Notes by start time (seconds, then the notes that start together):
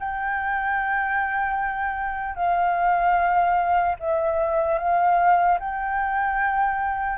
0.00 G5
2.36 F5
4.00 E5
4.79 F5
5.60 G5